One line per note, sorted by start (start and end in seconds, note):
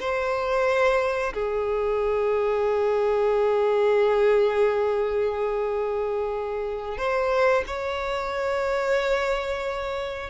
0.00 1.33 C5
1.34 6.98 G#4
6.98 7.64 C5
7.67 10.30 C#5